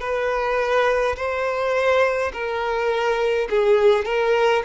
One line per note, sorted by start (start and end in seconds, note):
0.00 1.15 B4
1.16 2.31 C5
2.33 3.48 A#4
3.50 4.05 G#4
4.05 4.63 A#4